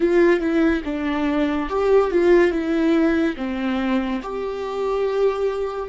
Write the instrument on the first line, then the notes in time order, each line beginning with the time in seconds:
viola
0.00 F4
0.40 E4
0.84 D4
1.69 G4
2.11 F4
2.51 E4
3.36 C4
4.22 G4